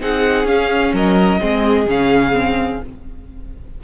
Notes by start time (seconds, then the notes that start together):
0.00 C4 D#4 G#4 F#5
0.44 C#4 F5
0.93 F#3 A#4 D#5
1.39 G#3 C4 G#4
1.86 C#3 C#4 F5
2.32 C4